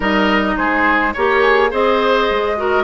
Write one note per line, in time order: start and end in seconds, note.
0.00 0.57 G3
0.00 1.13 D#4
0.00 0.54 A#4
0.00 0.56 D#5
0.56 1.14 G#3
0.56 1.13 G#4
0.56 1.14 C5
1.13 1.72 A#3
1.13 1.71 G4
1.13 1.41 A#4
1.13 1.70 C#5
1.41 1.70 G#4
1.71 2.29 C4
1.71 2.56 G#4
1.71 2.56 C5
1.71 2.83 D#5
2.30 2.83 G#3
2.56 2.83 F#4
2.56 2.83 A#4